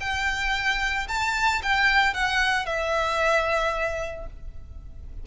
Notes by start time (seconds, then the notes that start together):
0.00 G5
1.08 A5
1.62 G5
2.13 F#5
2.65 E5